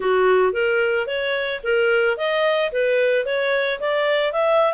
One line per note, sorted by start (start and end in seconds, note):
0.00 0.53 F#4
0.53 1.07 A#4
1.07 1.61 C#5
1.63 2.17 A#4
2.17 2.71 D#5
2.71 3.25 B4
3.25 3.79 C#5
3.80 4.32 D5
4.32 4.73 E5